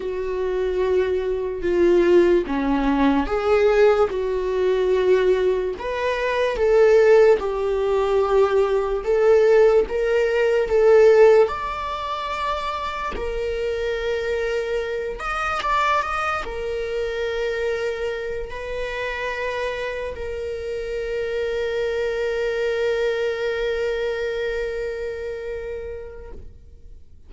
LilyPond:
\new Staff \with { instrumentName = "viola" } { \time 4/4 \tempo 4 = 73 fis'2 f'4 cis'4 | gis'4 fis'2 b'4 | a'4 g'2 a'4 | ais'4 a'4 d''2 |
ais'2~ ais'8 dis''8 d''8 dis''8 | ais'2~ ais'8 b'4.~ | b'8 ais'2.~ ais'8~ | ais'1 | }